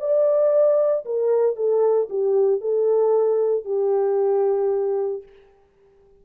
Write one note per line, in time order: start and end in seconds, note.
0.00 1.05 D5
1.06 1.56 A#4
1.56 2.09 A4
2.10 2.61 G4
2.61 3.65 A4
3.65 5.23 G4